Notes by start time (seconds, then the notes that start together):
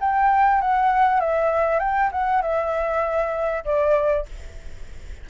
0.00 G5
0.61 F#5
1.20 E5
1.79 G5
2.12 F#5
2.42 E5
3.65 D5